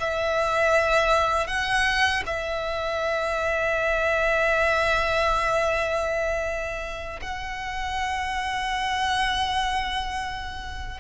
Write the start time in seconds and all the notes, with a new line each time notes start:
0.00 E5
1.47 F#5
2.26 E5
7.21 F#5